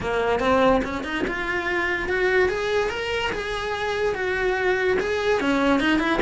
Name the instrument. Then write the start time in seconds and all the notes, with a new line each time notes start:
cello
0.01 A#3
0.39 C4
0.84 C#4
1.04 D#4
1.27 F4
2.08 F#4
2.48 G#4
2.89 A#4
3.32 G#4
4.15 F#4
4.99 G#4
5.40 C#4
5.80 D#4
5.98 E4